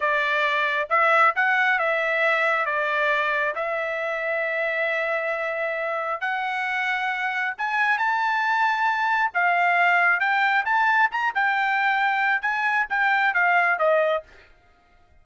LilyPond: \new Staff \with { instrumentName = "trumpet" } { \time 4/4 \tempo 4 = 135 d''2 e''4 fis''4 | e''2 d''2 | e''1~ | e''2 fis''2~ |
fis''4 gis''4 a''2~ | a''4 f''2 g''4 | a''4 ais''8 g''2~ g''8 | gis''4 g''4 f''4 dis''4 | }